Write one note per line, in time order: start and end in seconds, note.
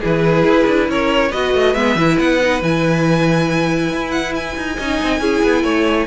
0.00 0.43 E3
0.00 1.30 E4
0.00 0.86 G#4
0.00 0.90 B4
0.43 0.65 E4
0.66 0.88 D4
0.88 1.31 C#4
0.88 1.29 A#4
0.88 1.31 C#5
1.29 1.53 B3
1.29 1.75 F#4
1.29 4.75 B4
1.29 1.74 D#5
1.53 1.74 A3
1.74 1.95 G#3
1.74 1.97 B3
1.74 2.17 E5
1.95 2.17 E3
1.95 2.40 E4
2.19 2.61 B3
2.19 2.62 F#5
2.41 2.61 D#4
2.61 3.91 E3
2.61 4.77 E4
2.61 4.11 G#5
3.91 4.55 E4
4.11 4.32 F#5
4.35 6.06 G#5
4.56 4.78 D#4
4.76 5.01 C#4
4.76 5.21 D#4
4.76 5.20 D#5
5.02 5.20 C4
5.20 5.41 C#4
5.20 6.06 E4
5.20 5.63 G#4
5.42 5.63 B3
5.63 6.06 A3
5.63 6.06 C#5